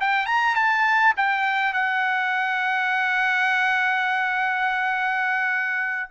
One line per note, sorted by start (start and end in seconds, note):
0.00 0.26 G5
0.26 0.55 A#5
0.55 1.13 A5
1.17 1.73 G5
1.73 6.10 F#5